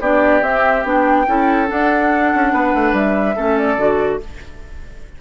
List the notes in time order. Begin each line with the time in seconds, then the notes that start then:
0.00 B3 D4 G4 D5
0.42 C4 E5
0.84 B3 D4 G5
1.27 C#4 E4 A4
1.67 D4 F#5
2.34 C#4
2.53 B3 B4
2.74 A3
2.93 G3 E5
3.36 A3 C#4 A4
3.58 D5
3.77 D3 F#4